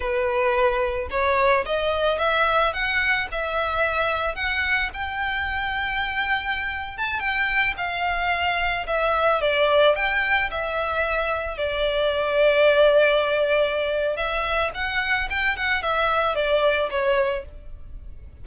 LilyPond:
\new Staff \with { instrumentName = "violin" } { \time 4/4 \tempo 4 = 110 b'2 cis''4 dis''4 | e''4 fis''4 e''2 | fis''4 g''2.~ | g''8. a''8 g''4 f''4.~ f''16~ |
f''16 e''4 d''4 g''4 e''8.~ | e''4~ e''16 d''2~ d''8.~ | d''2 e''4 fis''4 | g''8 fis''8 e''4 d''4 cis''4 | }